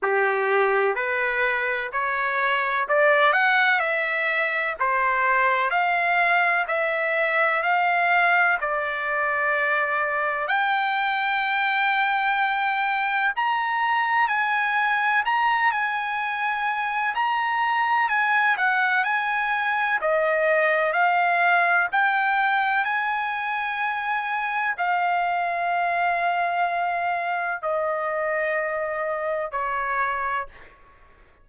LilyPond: \new Staff \with { instrumentName = "trumpet" } { \time 4/4 \tempo 4 = 63 g'4 b'4 cis''4 d''8 fis''8 | e''4 c''4 f''4 e''4 | f''4 d''2 g''4~ | g''2 ais''4 gis''4 |
ais''8 gis''4. ais''4 gis''8 fis''8 | gis''4 dis''4 f''4 g''4 | gis''2 f''2~ | f''4 dis''2 cis''4 | }